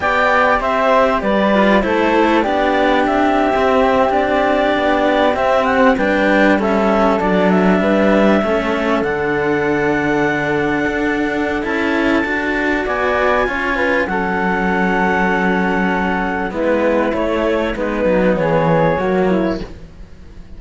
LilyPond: <<
  \new Staff \with { instrumentName = "clarinet" } { \time 4/4 \tempo 4 = 98 g''4 e''4 d''4 c''4 | d''4 e''4.~ e''16 d''4~ d''16~ | d''8. e''8 fis''8 g''4 e''4 d''16~ | d''16 e''2~ e''8 fis''4~ fis''16~ |
fis''2. a''4~ | a''4 gis''2 fis''4~ | fis''2. b'4 | cis''4 b'4 cis''2 | }
  \new Staff \with { instrumentName = "flute" } { \time 4/4 d''4 c''4 b'4 a'4 | g'1~ | g'4.~ g'16 b'4 a'4~ a'16~ | a'8. b'4 a'2~ a'16~ |
a'1~ | a'4 d''4 cis''8 b'8 a'4~ | a'2. e'4~ | e'4 dis'4 gis'4 fis'8 e'8 | }
  \new Staff \with { instrumentName = "cello" } { \time 4/4 g'2~ g'8 f'8 e'4 | d'4.~ d'16 c'4 d'4~ d'16~ | d'8. c'4 d'4 cis'4 d'16~ | d'4.~ d'16 cis'4 d'4~ d'16~ |
d'2. e'4 | fis'2 f'4 cis'4~ | cis'2. b4 | a4 b2 ais4 | }
  \new Staff \with { instrumentName = "cello" } { \time 4/4 b4 c'4 g4 a4 | b4 c'2~ c'8. b16~ | b8. c'4 g2 fis16~ | fis8. g4 a4 d4~ d16~ |
d4.~ d16 d'4~ d'16 cis'4 | d'4 b4 cis'4 fis4~ | fis2. gis4 | a4 gis8 fis8 e4 fis4 | }
>>